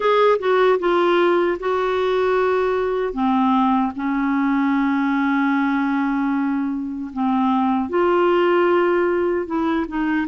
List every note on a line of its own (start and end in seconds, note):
0.00 0.38 G#4
0.39 0.78 F#4
0.79 1.58 F4
1.59 3.13 F#4
3.13 3.92 C4
3.95 7.11 C#4
7.13 7.89 C4
7.89 9.46 F4
9.46 9.85 E4
9.88 10.27 D#4